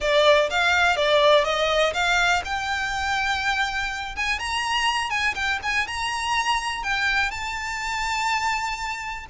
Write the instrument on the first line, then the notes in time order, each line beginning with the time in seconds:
violin
0.00 D5
0.50 F5
0.96 D5
1.44 D#5
1.93 F5
2.44 G5
4.16 G#5
4.39 A#5
5.10 G#5
5.35 G5
5.62 G#5
5.87 A#5
6.83 G5
7.31 A5